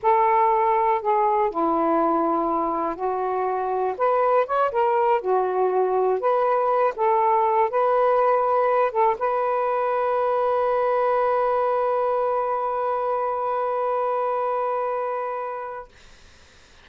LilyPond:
\new Staff \with { instrumentName = "saxophone" } { \time 4/4 \tempo 4 = 121 a'2 gis'4 e'4~ | e'2 fis'2 | b'4 cis''8 ais'4 fis'4.~ | fis'8 b'4. a'4. b'8~ |
b'2 a'8 b'4.~ | b'1~ | b'1~ | b'1 | }